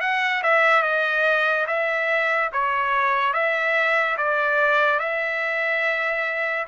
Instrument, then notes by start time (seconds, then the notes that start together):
trumpet
0.00 F#5
0.43 E5
0.82 D#5
1.66 E5
2.52 C#5
3.33 E5
4.17 D5
4.99 E5